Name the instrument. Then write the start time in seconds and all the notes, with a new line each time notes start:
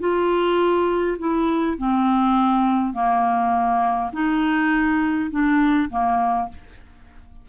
clarinet
0.00 F4
1.19 E4
1.78 C4
2.94 A#3
4.13 D#4
5.31 D4
5.90 A#3